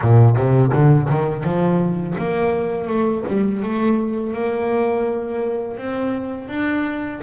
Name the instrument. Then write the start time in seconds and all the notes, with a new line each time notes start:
double bass
0.01 A#2
0.36 C3
0.72 D3
1.09 D#3
1.43 F3
2.18 A#3
2.87 A3
3.27 G3
3.62 A3
4.33 A#3
5.77 C4
6.48 D4